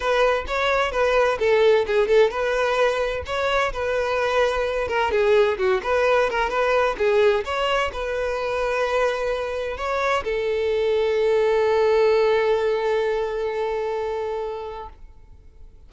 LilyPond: \new Staff \with { instrumentName = "violin" } { \time 4/4 \tempo 4 = 129 b'4 cis''4 b'4 a'4 | gis'8 a'8 b'2 cis''4 | b'2~ b'8 ais'8 gis'4 | fis'8 b'4 ais'8 b'4 gis'4 |
cis''4 b'2.~ | b'4 cis''4 a'2~ | a'1~ | a'1 | }